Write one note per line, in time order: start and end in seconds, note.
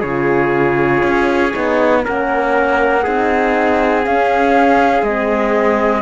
0.00 1.02 C#3
0.00 1.53 F4
0.00 2.00 G#4
0.00 2.01 C#5
1.03 1.53 C#4
1.53 2.05 B3
1.53 2.02 D#4
2.02 3.06 A#3
2.02 3.02 C#4
2.02 3.03 A#4
2.02 4.05 F#5
3.03 4.06 C4
3.03 4.03 D#4
3.03 6.02 G#4
4.03 5.03 C#4
4.03 5.02 C#4
4.03 5.04 F5
5.02 6.02 G#3
5.02 6.02 C4
5.02 6.02 D#5